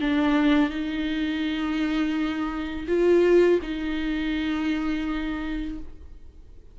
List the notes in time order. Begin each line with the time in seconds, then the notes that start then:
0.00 D4
0.69 D#4
2.87 F4
3.62 D#4